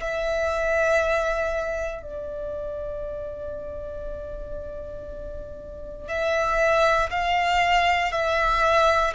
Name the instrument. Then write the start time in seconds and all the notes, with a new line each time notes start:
violin
0.00 E5
2.02 D5
6.08 E5
7.10 F5
8.12 E5